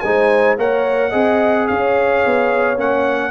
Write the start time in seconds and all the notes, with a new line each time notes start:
0.00 G#3 D#4 C5 G#5
0.58 A#3 A#4 C#5 F#5
1.10 C4 G#4 D#5
1.68 C#4 C#5 F5
2.26 B3
2.77 A#3 C#4 F#5